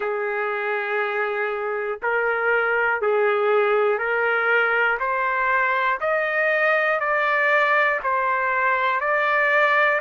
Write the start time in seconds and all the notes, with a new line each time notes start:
0.00 G#4
2.02 A#4
3.00 G#4
3.98 A#4
4.99 C5
6.00 D#5
7.00 D5
8.03 C5
9.00 D5